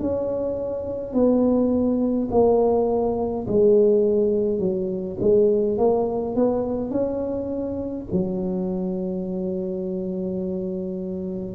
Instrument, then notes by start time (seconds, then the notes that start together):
tuba
0.00 C#4
1.13 B3
2.31 A#3
3.47 G#3
4.59 F#3
5.20 G#3
5.77 A#3
6.35 B3
6.91 C#4
8.12 F#3